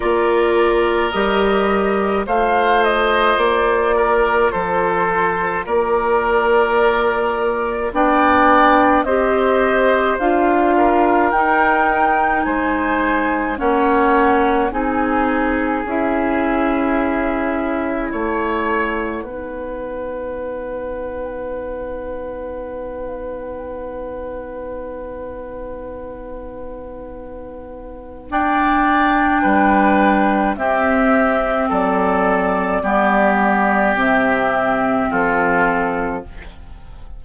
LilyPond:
<<
  \new Staff \with { instrumentName = "flute" } { \time 4/4 \tempo 4 = 53 d''4 dis''4 f''8 dis''8 d''4 | c''4 d''2 g''4 | dis''4 f''4 g''4 gis''4 | fis''4 gis''4 e''2 |
fis''1~ | fis''1~ | fis''4 g''2 e''4 | d''2 e''4 a'4 | }
  \new Staff \with { instrumentName = "oboe" } { \time 4/4 ais'2 c''4. ais'8 | a'4 ais'2 d''4 | c''4. ais'4. c''4 | cis''4 gis'2. |
cis''4 b'2.~ | b'1~ | b'4 d''4 b'4 g'4 | a'4 g'2 f'4 | }
  \new Staff \with { instrumentName = "clarinet" } { \time 4/4 f'4 g'4 f'2~ | f'2. d'4 | g'4 f'4 dis'2 | cis'4 dis'4 e'2~ |
e'4 dis'2.~ | dis'1~ | dis'4 d'2 c'4~ | c'4 b4 c'2 | }
  \new Staff \with { instrumentName = "bassoon" } { \time 4/4 ais4 g4 a4 ais4 | f4 ais2 b4 | c'4 d'4 dis'4 gis4 | ais4 c'4 cis'2 |
a4 b2.~ | b1~ | b2 g4 c'4 | fis4 g4 c4 f4 | }
>>